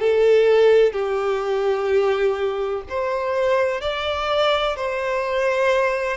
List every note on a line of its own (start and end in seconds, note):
0.00 0.93 A4
0.93 2.83 G4
2.89 3.81 C5
3.81 4.76 D5
4.76 6.17 C5